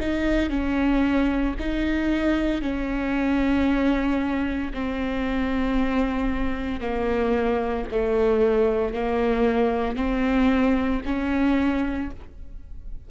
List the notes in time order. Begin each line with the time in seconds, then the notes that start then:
0.00 D#4
0.49 C#4
1.59 D#4
2.61 C#4
4.74 C4
6.80 A#3
7.91 A3
8.93 A#3
9.96 C4
11.05 C#4